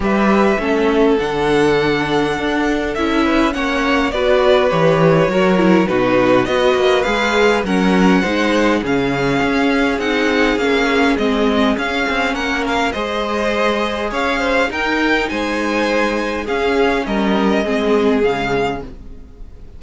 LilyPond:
<<
  \new Staff \with { instrumentName = "violin" } { \time 4/4 \tempo 4 = 102 e''2 fis''2~ | fis''4 e''4 fis''4 d''4 | cis''2 b'4 dis''4 | f''4 fis''2 f''4~ |
f''4 fis''4 f''4 dis''4 | f''4 fis''8 f''8 dis''2 | f''4 g''4 gis''2 | f''4 dis''2 f''4 | }
  \new Staff \with { instrumentName = "violin" } { \time 4/4 b'4 a'2.~ | a'4. b'8 cis''4 b'4~ | b'4 ais'4 fis'4 b'4~ | b'4 ais'4 c''4 gis'4~ |
gis'1~ | gis'4 ais'4 c''2 | cis''8 c''8 ais'4 c''2 | gis'4 ais'4 gis'2 | }
  \new Staff \with { instrumentName = "viola" } { \time 4/4 g'4 cis'4 d'2~ | d'4 e'4 cis'4 fis'4 | g'4 fis'8 e'8 dis'4 fis'4 | gis'4 cis'4 dis'4 cis'4~ |
cis'4 dis'4 cis'4 c'4 | cis'2 gis'2~ | gis'4 dis'2. | cis'2 c'4 gis4 | }
  \new Staff \with { instrumentName = "cello" } { \time 4/4 g4 a4 d2 | d'4 cis'4 ais4 b4 | e4 fis4 b,4 b8 ais8 | gis4 fis4 gis4 cis4 |
cis'4 c'4 ais4 gis4 | cis'8 c'8 ais4 gis2 | cis'4 dis'4 gis2 | cis'4 g4 gis4 cis4 | }
>>